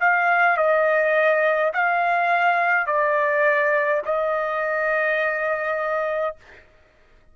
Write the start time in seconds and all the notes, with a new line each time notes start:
0.00 F5
0.57 D#5
1.73 F5
2.87 D5
4.05 D#5